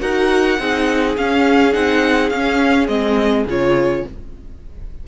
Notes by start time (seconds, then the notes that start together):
0.00 D#4 F#4 A#4 F#5
0.58 C4 D#4 G#4
1.17 C#4 F5
1.72 C4 D#4 F#5
2.29 C#4 F5
2.88 G#3 C4 D#5
3.46 C#3 F4 C#5